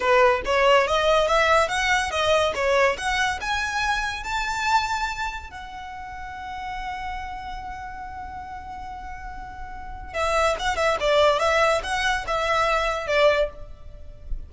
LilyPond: \new Staff \with { instrumentName = "violin" } { \time 4/4 \tempo 4 = 142 b'4 cis''4 dis''4 e''4 | fis''4 dis''4 cis''4 fis''4 | gis''2 a''2~ | a''4 fis''2.~ |
fis''1~ | fis''1 | e''4 fis''8 e''8 d''4 e''4 | fis''4 e''2 d''4 | }